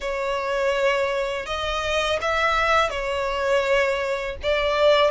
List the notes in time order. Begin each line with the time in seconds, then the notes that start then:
0.00 C#5
1.46 D#5
2.21 E5
2.90 C#5
4.43 D5